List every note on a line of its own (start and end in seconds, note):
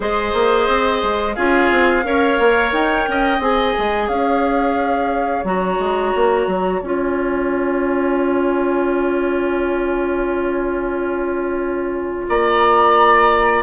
0.00 0.33 G#3
0.00 1.36 G#4
0.00 1.35 C5
0.00 1.34 D#5
0.33 0.67 A#3
0.67 1.01 C4
1.02 1.36 G#3
1.34 1.71 C#4
1.34 2.03 F4
1.34 2.04 G#4
1.34 2.71 F5
1.71 2.04 C4
2.03 2.38 C#4
2.03 3.39 A#4
2.03 3.09 C#5
2.38 2.72 A#3
2.72 3.06 D#4
2.72 3.41 G5
3.07 3.39 C#4
3.07 4.08 D#5
3.39 3.73 C4
3.39 5.44 G#4
3.39 4.08 G#5
3.77 4.08 G#3
4.08 5.44 C#4
4.08 12.26 C#5
4.08 5.44 F5
5.44 5.78 F#3
5.44 6.81 F#4
5.44 6.82 A#5
5.78 6.12 G#3
6.15 6.46 A#3
6.46 6.81 F#3
6.82 12.27 C#4
6.82 13.63 F4
6.82 12.27 G#5
12.28 13.63 A#3
12.28 13.63 D5
12.28 13.63 A#5